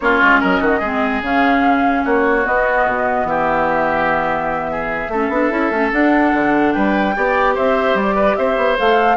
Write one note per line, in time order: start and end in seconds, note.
0.00 0.21 A#3
0.00 0.83 C#4
0.00 0.40 F4
0.00 0.41 C#5
0.22 0.42 G#3
0.40 0.60 F#3
0.40 0.60 A#4
0.40 1.23 D#5
0.60 0.80 D#3
0.60 0.79 F#4
0.79 1.21 G#3
0.79 1.23 C4
0.79 2.01 G#4
1.21 2.03 C#3
1.21 2.44 C#4
1.21 2.05 F5
2.04 2.46 A#3
2.04 3.27 F#4
2.04 2.46 C#5
2.44 5.09 B3
2.44 2.85 B3
2.44 3.27 D#5
2.85 3.24 B2
3.24 5.08 E3
3.24 4.71 G4
3.24 5.92 E5
4.71 5.11 G#4
5.08 5.28 A3
5.08 5.31 C#4
5.08 6.74 A4
5.29 5.49 B3
5.29 5.50 D4
5.50 5.70 C#4
5.50 5.71 E4
5.70 5.90 A3
5.70 5.91 C#4
5.92 7.14 D4
5.92 6.33 D4
5.92 6.72 F#5
6.33 6.74 D3
6.72 7.16 G3
6.72 7.15 B4
6.72 7.54 G5
7.15 7.57 B3
7.15 8.77 G4
7.15 7.54 D5
7.54 7.94 C4
7.54 8.15 C5
7.54 7.97 E5
7.94 8.35 G3
7.94 8.36 D5
8.15 8.35 B4
8.36 8.57 C4
8.36 9.17 C5
8.36 8.76 E5
8.57 8.77 B3
8.77 9.17 A3
8.77 9.17 A4
8.77 9.17 F5